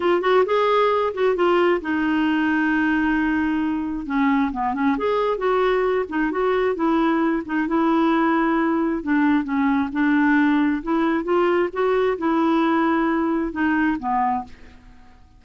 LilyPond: \new Staff \with { instrumentName = "clarinet" } { \time 4/4 \tempo 4 = 133 f'8 fis'8 gis'4. fis'8 f'4 | dis'1~ | dis'4 cis'4 b8 cis'8 gis'4 | fis'4. dis'8 fis'4 e'4~ |
e'8 dis'8 e'2. | d'4 cis'4 d'2 | e'4 f'4 fis'4 e'4~ | e'2 dis'4 b4 | }